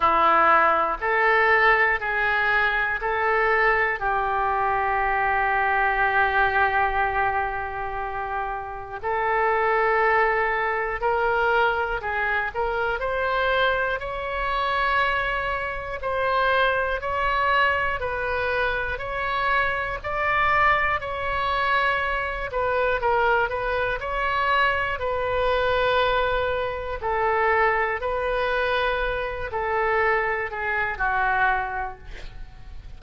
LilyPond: \new Staff \with { instrumentName = "oboe" } { \time 4/4 \tempo 4 = 60 e'4 a'4 gis'4 a'4 | g'1~ | g'4 a'2 ais'4 | gis'8 ais'8 c''4 cis''2 |
c''4 cis''4 b'4 cis''4 | d''4 cis''4. b'8 ais'8 b'8 | cis''4 b'2 a'4 | b'4. a'4 gis'8 fis'4 | }